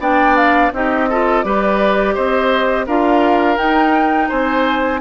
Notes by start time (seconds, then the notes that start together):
0.00 B3 D4 D5 G5
0.37 F5
0.74 C4 D#4 G4 D#5
1.10 F4 A4
1.43 G3 G4 B4 D5
2.15 C4 C5 D#5
2.87 D4 F4 A#4 F5
3.57 D#4 G5
4.29 C4 C5 G#5